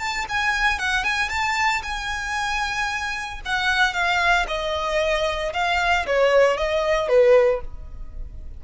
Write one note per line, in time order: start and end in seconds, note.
0.00 0.26 A5
0.29 0.79 G#5
0.79 1.05 F#5
1.05 1.30 G#5
1.30 1.83 A5
1.83 3.41 G#5
3.46 3.94 F#5
3.94 4.47 F5
4.48 5.54 D#5
5.54 6.06 F5
6.07 6.58 C#5
6.58 7.09 D#5
7.09 7.61 B4